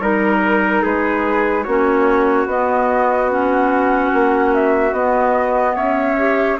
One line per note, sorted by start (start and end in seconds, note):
0.00 0.82 G3
0.00 1.65 D#4
0.00 0.82 A#4
0.00 0.84 A#4
0.82 1.67 G#3
0.82 1.65 G#4
0.82 1.63 B4
1.63 2.46 A#3
1.63 2.49 C#4
1.63 5.76 F#4
1.63 2.46 C#5
2.46 4.10 B3
2.46 3.29 B3
2.46 3.31 D#5
3.29 4.93 C#4
3.29 4.55 F#5
4.13 4.92 A#3
4.55 4.93 E5
4.92 5.75 B3
4.92 6.16 B3
4.92 5.75 D#5
5.76 6.58 C#4
5.76 6.58 C#5
5.76 6.58 E5
6.17 6.58 G4